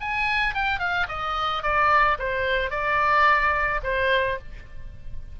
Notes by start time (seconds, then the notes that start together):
0.00 G#5
0.54 G5
0.79 F5
1.08 D#5
1.62 D5
2.18 C5
2.70 D5
3.83 C5